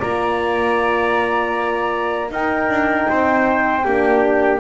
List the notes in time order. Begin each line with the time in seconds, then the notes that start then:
0.00 A#3 F4 D5 A#5
2.29 D#4 A#4 G5
2.69 D4
3.09 C4 C5
3.85 A#3 D4 G4